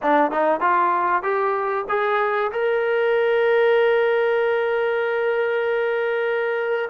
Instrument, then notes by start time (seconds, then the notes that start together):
trombone
0.02 D4
0.31 D#4
0.60 F4
1.22 G4
1.89 G#4
2.52 A#4